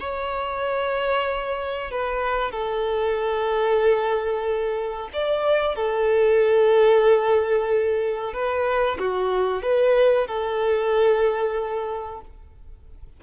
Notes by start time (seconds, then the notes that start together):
0.00 C#5
1.91 B4
2.52 A4
5.13 D5
5.76 A4
8.34 B4
8.99 F#4
9.63 B4
10.28 A4